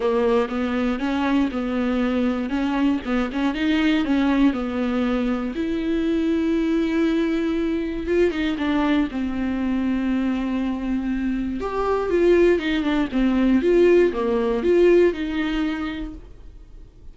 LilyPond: \new Staff \with { instrumentName = "viola" } { \time 4/4 \tempo 4 = 119 ais4 b4 cis'4 b4~ | b4 cis'4 b8 cis'8 dis'4 | cis'4 b2 e'4~ | e'1 |
f'8 dis'8 d'4 c'2~ | c'2. g'4 | f'4 dis'8 d'8 c'4 f'4 | ais4 f'4 dis'2 | }